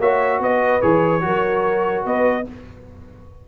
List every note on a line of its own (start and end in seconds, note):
0.00 0.40 A#3
0.00 0.82 F#4
0.00 0.41 C#5
0.00 0.42 E5
0.40 0.81 B3
0.40 1.25 B4
0.40 0.82 D#5
0.82 1.24 E3
0.82 1.21 G#4
0.82 2.05 C#5
1.21 2.05 F#3
1.21 2.44 F#4
1.21 2.07 A#4
2.05 2.46 B3
2.05 2.48 B4
2.05 2.48 D#5